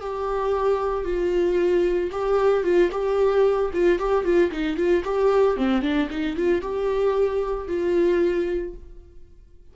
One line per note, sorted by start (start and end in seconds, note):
0.00 1.04 G4
1.04 2.10 F4
2.11 2.63 G4
2.63 2.90 F4
2.91 3.71 G4
3.73 3.98 F4
3.98 4.24 G4
4.24 4.50 F4
4.51 4.76 D#4
4.76 5.03 F4
5.04 5.57 G4
5.57 5.82 C4
5.82 6.08 D4
6.09 6.36 D#4
6.36 6.61 F4
6.61 7.67 G4
7.67 8.74 F4